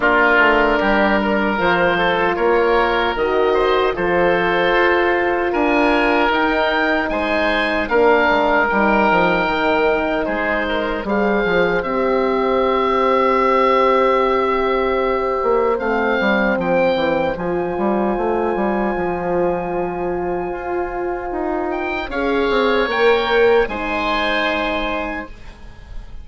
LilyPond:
<<
  \new Staff \with { instrumentName = "oboe" } { \time 4/4 \tempo 4 = 76 ais'2 c''4 cis''4 | dis''4 c''2 gis''4 | g''4 gis''4 f''4 g''4~ | g''4 c''4 f''4 e''4~ |
e''1 | f''4 g''4 gis''2~ | gis''2.~ gis''8 g''8 | f''4 g''4 gis''2 | }
  \new Staff \with { instrumentName = "oboe" } { \time 4/4 f'4 g'8 ais'4 a'8 ais'4~ | ais'8 c''8 a'2 ais'4~ | ais'4 c''4 ais'2~ | ais'4 gis'8 ais'8 c''2~ |
c''1~ | c''1~ | c''1 | cis''2 c''2 | }
  \new Staff \with { instrumentName = "horn" } { \time 4/4 d'2 f'2 | fis'4 f'2. | dis'2 d'4 dis'4~ | dis'2 gis'4 g'4~ |
g'1 | c'2 f'2~ | f'1 | gis'4 ais'4 dis'2 | }
  \new Staff \with { instrumentName = "bassoon" } { \time 4/4 ais8 a8 g4 f4 ais4 | dis4 f4 f'4 d'4 | dis'4 gis4 ais8 gis8 g8 f8 | dis4 gis4 g8 f8 c'4~ |
c'2.~ c'8 ais8 | a8 g8 f8 e8 f8 g8 a8 g8 | f2 f'4 dis'4 | cis'8 c'8 ais4 gis2 | }
>>